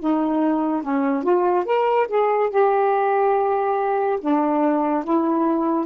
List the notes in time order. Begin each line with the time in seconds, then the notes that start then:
0.00 D#4
0.83 C#4
1.24 F4
1.65 A#4
2.08 G#4
2.50 G4
4.21 D4
5.04 E4